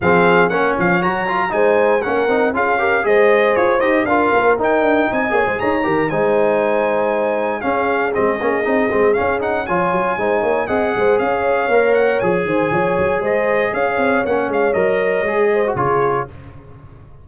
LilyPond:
<<
  \new Staff \with { instrumentName = "trumpet" } { \time 4/4 \tempo 4 = 118 f''4 fis''8 f''8 ais''4 gis''4 | fis''4 f''4 dis''4 cis''8 dis''8 | f''4 g''4 gis''4 ais''4 | gis''2. f''4 |
dis''2 f''8 fis''8 gis''4~ | gis''4 fis''4 f''4. fis''8 | gis''2 dis''4 f''4 | fis''8 f''8 dis''2 cis''4 | }
  \new Staff \with { instrumentName = "horn" } { \time 4/4 gis'4 cis''2 c''4 | ais'4 gis'8 ais'8 c''2 | ais'2 dis''8 cis''16 c''16 cis''8 ais'8 | c''2. gis'4~ |
gis'2. cis''4 | c''8 cis''8 dis''8 c''8 cis''2~ | cis''8 c''8 cis''4 c''4 cis''4~ | cis''2~ cis''8 c''8 gis'4 | }
  \new Staff \with { instrumentName = "trombone" } { \time 4/4 c'4 cis'4 fis'8 f'8 dis'4 | cis'8 dis'8 f'8 g'8 gis'4. g'8 | f'4 dis'4. gis'4 g'8 | dis'2. cis'4 |
c'8 cis'8 dis'8 c'8 cis'8 dis'8 f'4 | dis'4 gis'2 ais'4 | gis'1 | cis'4 ais'4 gis'8. fis'16 f'4 | }
  \new Staff \with { instrumentName = "tuba" } { \time 4/4 f4 ais8 f8 fis4 gis4 | ais8 c'8 cis'4 gis4 f'8 dis'8 | d'8 ais8 dis'8 d'8 c'8 ais16 gis16 dis'8 dis8 | gis2. cis'4 |
gis8 ais8 c'8 gis8 cis'4 f8 fis8 | gis8 ais8 c'8 gis8 cis'4 ais4 | f8 dis8 f8 fis8 gis4 cis'8 c'8 | ais8 gis8 fis4 gis4 cis4 | }
>>